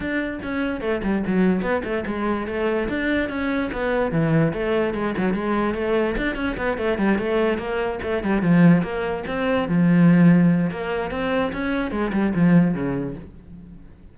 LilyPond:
\new Staff \with { instrumentName = "cello" } { \time 4/4 \tempo 4 = 146 d'4 cis'4 a8 g8 fis4 | b8 a8 gis4 a4 d'4 | cis'4 b4 e4 a4 | gis8 fis8 gis4 a4 d'8 cis'8 |
b8 a8 g8 a4 ais4 a8 | g8 f4 ais4 c'4 f8~ | f2 ais4 c'4 | cis'4 gis8 g8 f4 cis4 | }